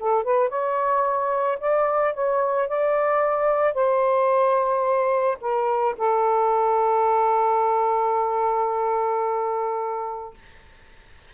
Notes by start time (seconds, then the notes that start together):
0.00 A4
0.24 B4
0.50 C#5
1.60 D5
2.14 C#5
2.69 D5
3.74 C5
5.41 A#4
5.98 A4